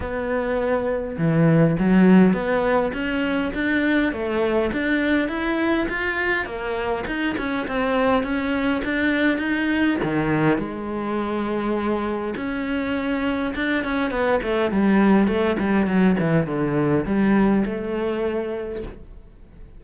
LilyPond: \new Staff \with { instrumentName = "cello" } { \time 4/4 \tempo 4 = 102 b2 e4 fis4 | b4 cis'4 d'4 a4 | d'4 e'4 f'4 ais4 | dis'8 cis'8 c'4 cis'4 d'4 |
dis'4 dis4 gis2~ | gis4 cis'2 d'8 cis'8 | b8 a8 g4 a8 g8 fis8 e8 | d4 g4 a2 | }